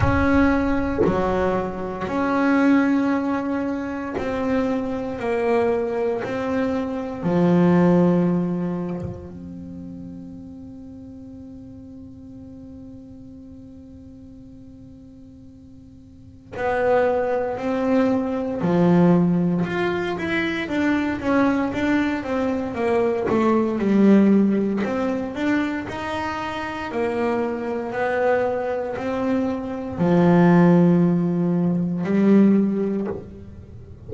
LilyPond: \new Staff \with { instrumentName = "double bass" } { \time 4/4 \tempo 4 = 58 cis'4 fis4 cis'2 | c'4 ais4 c'4 f4~ | f4 c'2.~ | c'1 |
b4 c'4 f4 f'8 e'8 | d'8 cis'8 d'8 c'8 ais8 a8 g4 | c'8 d'8 dis'4 ais4 b4 | c'4 f2 g4 | }